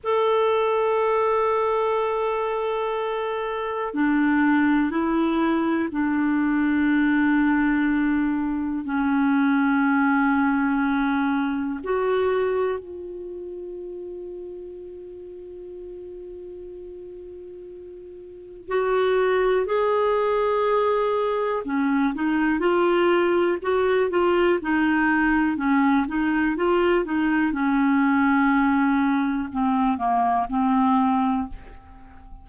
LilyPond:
\new Staff \with { instrumentName = "clarinet" } { \time 4/4 \tempo 4 = 61 a'1 | d'4 e'4 d'2~ | d'4 cis'2. | fis'4 f'2.~ |
f'2. fis'4 | gis'2 cis'8 dis'8 f'4 | fis'8 f'8 dis'4 cis'8 dis'8 f'8 dis'8 | cis'2 c'8 ais8 c'4 | }